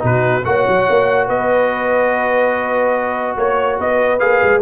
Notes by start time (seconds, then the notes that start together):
0.00 B2 D#4 F#4 B4
0.45 A#3 F#4 C#5 F#5
0.67 F#3
0.90 A#3
1.28 B3 B4 D#5
3.37 A#3 C#5
3.79 B3 B4 D#5
4.20 A#3 G#4 F5
4.43 G#3